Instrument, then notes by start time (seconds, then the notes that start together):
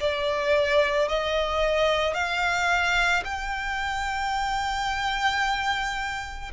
violin
0.00 D5
1.09 D#5
2.14 F5
3.24 G5